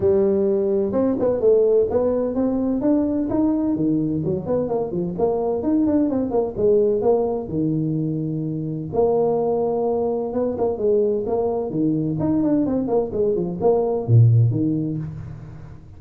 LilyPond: \new Staff \with { instrumentName = "tuba" } { \time 4/4 \tempo 4 = 128 g2 c'8 b8 a4 | b4 c'4 d'4 dis'4 | dis4 fis8 b8 ais8 f8 ais4 | dis'8 d'8 c'8 ais8 gis4 ais4 |
dis2. ais4~ | ais2 b8 ais8 gis4 | ais4 dis4 dis'8 d'8 c'8 ais8 | gis8 f8 ais4 ais,4 dis4 | }